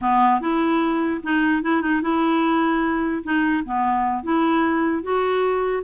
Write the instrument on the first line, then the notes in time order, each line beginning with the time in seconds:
clarinet
0.01 B3
0.40 E4
1.23 D#4
1.62 E4
1.81 D#4
2.01 E4
3.23 D#4
3.64 B3
4.23 E4
5.02 F#4